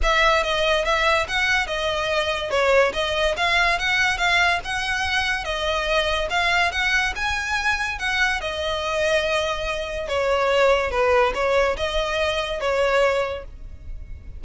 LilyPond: \new Staff \with { instrumentName = "violin" } { \time 4/4 \tempo 4 = 143 e''4 dis''4 e''4 fis''4 | dis''2 cis''4 dis''4 | f''4 fis''4 f''4 fis''4~ | fis''4 dis''2 f''4 |
fis''4 gis''2 fis''4 | dis''1 | cis''2 b'4 cis''4 | dis''2 cis''2 | }